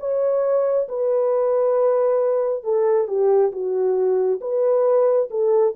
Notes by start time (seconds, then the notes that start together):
0.00 C#5
0.89 B4
2.64 A4
3.08 G4
3.53 F#4
4.41 B4
5.31 A4